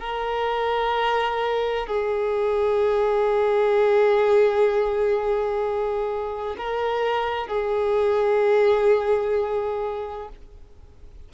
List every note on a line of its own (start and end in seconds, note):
0.00 1.87 A#4
1.87 6.56 G#4
6.58 7.47 A#4
7.47 10.29 G#4